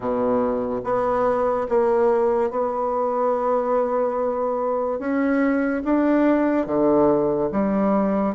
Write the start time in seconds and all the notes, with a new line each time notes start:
0.00 B2
0.83 B3
1.69 A#3
2.50 B3
4.99 C#4
5.84 D4
6.66 D3
7.52 G3